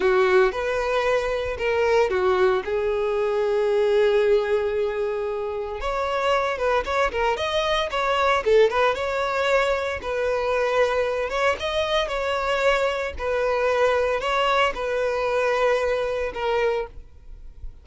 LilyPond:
\new Staff \with { instrumentName = "violin" } { \time 4/4 \tempo 4 = 114 fis'4 b'2 ais'4 | fis'4 gis'2.~ | gis'2. cis''4~ | cis''8 b'8 cis''8 ais'8 dis''4 cis''4 |
a'8 b'8 cis''2 b'4~ | b'4. cis''8 dis''4 cis''4~ | cis''4 b'2 cis''4 | b'2. ais'4 | }